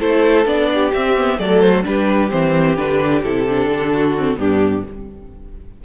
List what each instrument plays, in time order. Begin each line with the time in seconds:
0.00 cello A3, viola E4, violin A4 C5
0.45 cello B3, viola D4, violin D5
0.74 violin G4
0.93 cello C4, viola C4, violin E5
1.16 viola B3
1.39 cello F#3, viola A3, violin A4 D5
1.60 violin C5
1.83 cello G3, viola D4, violin G4 B4
2.30 cello E3, viola C4, violin C5
2.75 cello D3, viola D4, violin B4
3.23 cello C3, viola E4, violin A4
3.49 viola D4
3.68 cello D3
3.92 violin F#4
4.18 viola C4
4.37 cello G2, viola B3, violin D4 G4